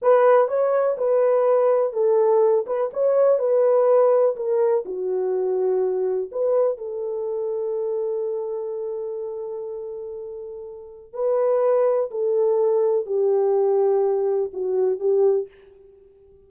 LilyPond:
\new Staff \with { instrumentName = "horn" } { \time 4/4 \tempo 4 = 124 b'4 cis''4 b'2 | a'4. b'8 cis''4 b'4~ | b'4 ais'4 fis'2~ | fis'4 b'4 a'2~ |
a'1~ | a'2. b'4~ | b'4 a'2 g'4~ | g'2 fis'4 g'4 | }